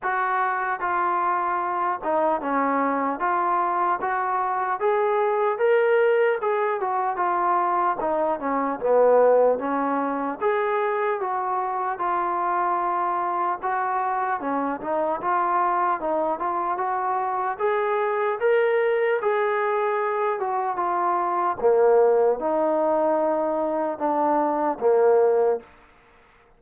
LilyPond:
\new Staff \with { instrumentName = "trombone" } { \time 4/4 \tempo 4 = 75 fis'4 f'4. dis'8 cis'4 | f'4 fis'4 gis'4 ais'4 | gis'8 fis'8 f'4 dis'8 cis'8 b4 | cis'4 gis'4 fis'4 f'4~ |
f'4 fis'4 cis'8 dis'8 f'4 | dis'8 f'8 fis'4 gis'4 ais'4 | gis'4. fis'8 f'4 ais4 | dis'2 d'4 ais4 | }